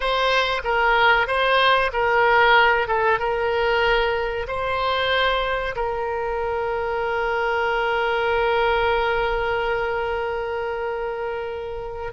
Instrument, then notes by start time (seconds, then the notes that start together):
oboe
0.00 C5
0.64 A#4
1.27 C5
1.92 A#4
2.87 A4
3.19 A#4
4.47 C5
5.75 A#4